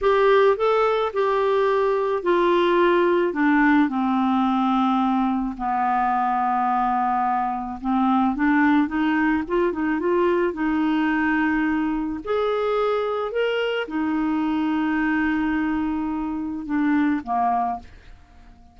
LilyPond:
\new Staff \with { instrumentName = "clarinet" } { \time 4/4 \tempo 4 = 108 g'4 a'4 g'2 | f'2 d'4 c'4~ | c'2 b2~ | b2 c'4 d'4 |
dis'4 f'8 dis'8 f'4 dis'4~ | dis'2 gis'2 | ais'4 dis'2.~ | dis'2 d'4 ais4 | }